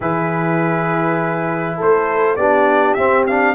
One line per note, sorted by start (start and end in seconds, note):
0.00 1.78 E3
0.00 2.38 E4
0.00 1.76 G#4
0.00 1.79 B4
1.76 2.36 A3
1.76 2.35 A4
1.76 2.36 C5
2.36 2.96 B3
2.36 2.98 D4
2.36 3.54 G4
2.36 2.94 D5
2.94 3.54 C4
2.94 3.27 C4
2.94 3.23 E5
3.26 3.54 D4
3.26 3.54 F5